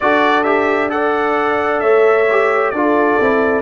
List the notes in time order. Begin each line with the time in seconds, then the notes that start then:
0.00 D4 F#4 A4 D5
0.43 G4 E5
0.89 A4 D5 F#5
1.80 A3 C#5 E5
2.30 G4
2.70 D4 F4 A4 D5
3.19 C4 E4